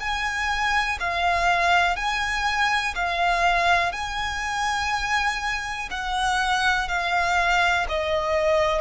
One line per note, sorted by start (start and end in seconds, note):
0.00 0.98 G#5
1.00 1.96 F5
1.96 2.95 G#5
2.95 3.93 F5
3.93 5.89 G#5
5.91 6.88 F#5
6.88 7.86 F5
7.89 8.81 D#5